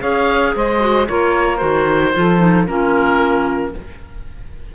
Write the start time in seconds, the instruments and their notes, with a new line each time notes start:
0.00 cello C#4, clarinet G#4, saxophone C#5, oboe F5
0.56 cello G#3, saxophone C5, oboe D#5
0.80 clarinet F#4
1.08 cello A#3, clarinet F4, saxophone A#4, oboe C#5
1.58 cello D#3, clarinet F#4, oboe C5
2.14 cello F3, clarinet F4, saxophone A4
2.39 clarinet D#4
2.67 cello A#3, clarinet C#4, saxophone F4, oboe A#4